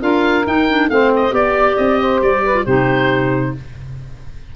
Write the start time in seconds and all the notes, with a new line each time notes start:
0.00 D4 F4 A#4 F5
0.44 D#4 G5
0.68 D4
0.89 A3 C4 C5 F5
1.16 D#5
1.30 B3 G4 D5
1.76 C4 D#5
2.00 C5
2.21 G3 D5
2.44 B4
2.52 F4
2.63 C3 D#4 G4 C5